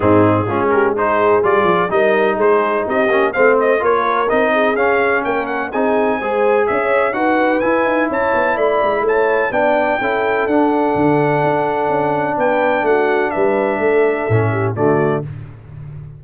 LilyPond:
<<
  \new Staff \with { instrumentName = "trumpet" } { \time 4/4 \tempo 4 = 126 gis'4. ais'8 c''4 d''4 | dis''4 c''4 dis''4 f''8 dis''8 | cis''4 dis''4 f''4 g''8 fis''8 | gis''2 e''4 fis''4 |
gis''4 a''4 b''4 a''4 | g''2 fis''2~ | fis''2 g''4 fis''4 | e''2. d''4 | }
  \new Staff \with { instrumentName = "horn" } { \time 4/4 dis'4 f'8 g'8 gis'2 | ais'4 gis'4 g'4 c''4 | ais'4. gis'4. ais'4 | gis'4 c''4 cis''4 b'4~ |
b'4 cis''4 d''4 cis''4 | d''4 a'2.~ | a'2 b'4 fis'4 | b'4 a'4. g'8 fis'4 | }
  \new Staff \with { instrumentName = "trombone" } { \time 4/4 c'4 cis'4 dis'4 f'4 | dis'2~ dis'8 cis'8 c'4 | f'4 dis'4 cis'2 | dis'4 gis'2 fis'4 |
e'1 | d'4 e'4 d'2~ | d'1~ | d'2 cis'4 a4 | }
  \new Staff \with { instrumentName = "tuba" } { \time 4/4 gis,4 gis2 g8 f8 | g4 gis4 c'8 ais8 a4 | ais4 c'4 cis'4 ais4 | c'4 gis4 cis'4 dis'4 |
e'8 dis'8 cis'8 b8 a8 gis8 a4 | b4 cis'4 d'4 d4 | d'4 cis'4 b4 a4 | g4 a4 a,4 d4 | }
>>